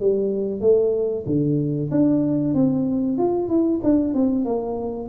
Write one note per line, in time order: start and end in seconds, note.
0.00 0.61 G3
0.61 1.24 A3
1.26 1.90 D3
1.91 2.54 D4
2.54 3.18 C4
3.18 3.49 F4
3.49 3.81 E4
3.83 4.14 D4
4.14 4.45 C4
4.45 5.09 A#3